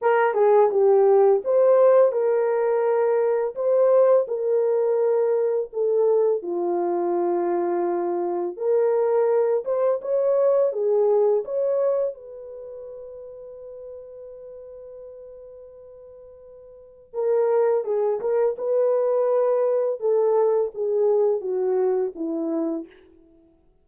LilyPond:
\new Staff \with { instrumentName = "horn" } { \time 4/4 \tempo 4 = 84 ais'8 gis'8 g'4 c''4 ais'4~ | ais'4 c''4 ais'2 | a'4 f'2. | ais'4. c''8 cis''4 gis'4 |
cis''4 b'2.~ | b'1 | ais'4 gis'8 ais'8 b'2 | a'4 gis'4 fis'4 e'4 | }